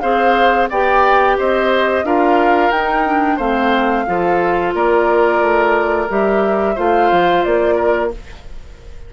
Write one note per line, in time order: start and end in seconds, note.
0.00 0.70 C4
0.00 0.69 G#4
0.00 0.69 C5
0.00 0.67 F5
0.69 1.37 B3
0.69 2.04 G4
0.69 1.37 D5
0.69 1.38 G5
1.37 2.03 C4
1.37 2.05 C5
1.37 2.05 D#5
2.03 2.71 D4
2.03 2.72 F4
2.03 3.36 A#4
2.03 2.71 F5
2.71 3.38 D#4
2.71 3.05 D#4
2.71 3.38 G5
3.05 3.39 D4
3.36 4.05 A3
3.36 4.06 C4
3.36 4.04 C5
3.36 4.73 F5
4.06 4.74 F3
4.06 6.08 F4
4.06 4.74 A4
4.74 5.41 A#3
4.74 6.75 A#4
4.74 6.09 D5
5.41 6.08 A3
6.09 6.77 G3
6.09 6.76 G4
6.09 6.77 E5
6.75 7.11 A3
6.75 8.11 F4
6.75 7.75 C5
6.75 7.43 F5
7.11 7.45 F3
7.43 8.13 A#3
7.43 8.11 D5
7.75 8.09 A#4